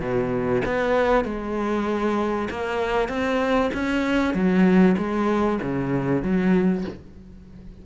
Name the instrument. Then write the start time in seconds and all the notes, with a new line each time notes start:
cello
0.00 B2
0.65 B3
1.25 G#3
2.50 A#3
3.08 C4
3.74 C#4
4.34 F#3
4.98 G#3
5.62 C#3
6.22 F#3